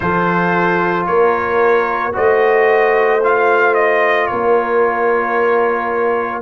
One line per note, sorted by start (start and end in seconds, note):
0.00 1.07 F3
0.00 2.12 F4
0.00 1.08 A4
0.00 1.06 C5
1.06 2.15 A#3
1.06 2.14 A#4
1.06 2.13 C#5
2.12 4.30 A3
2.12 3.20 F#4
2.12 4.28 C5
2.12 3.23 D#5
3.22 6.42 F4
3.22 3.74 F5
3.74 4.26 D#5
4.26 6.42 A#3
4.26 6.42 A#4
4.26 6.41 C#5